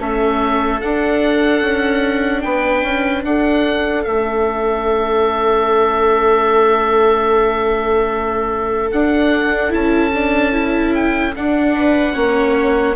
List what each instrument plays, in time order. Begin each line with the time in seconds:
0.00 bassoon A3, viola C#4 A4, oboe E5
0.81 viola D4, bassoon D4, oboe F#5
1.62 bassoon C#4
2.42 bassoon B3, viola B4, oboe G5
2.83 bassoon C#4
3.25 bassoon D4, viola A4, oboe F#5
4.04 bassoon A3, viola C#4, oboe E5
8.92 bassoon D4, viola D4, oboe F#5
9.70 bassoon C#4, viola E4, oboe A5
10.14 viola D4
10.52 viola E4
10.95 oboe G5
11.36 viola D4, bassoon D4, oboe F#5
11.76 viola B4
12.13 bassoon A#3, viola C#4 C#5